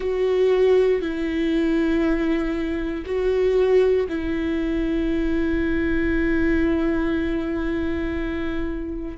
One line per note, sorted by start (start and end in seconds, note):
0.00 1.01 F#4
1.01 3.05 E4
3.05 4.07 F#4
4.09 9.17 E4